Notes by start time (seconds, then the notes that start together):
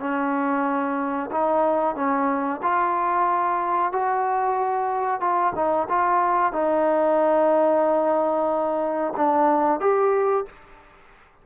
0.00 C#4
1.32 D#4
1.96 C#4
2.63 F4
3.92 F#4
5.21 F4
5.56 D#4
5.89 F4
6.53 D#4
9.17 D4
9.80 G4